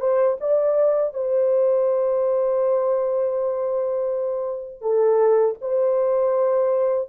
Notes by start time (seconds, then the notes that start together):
0.00 C5
0.40 D5
1.13 C5
4.81 A4
5.61 C5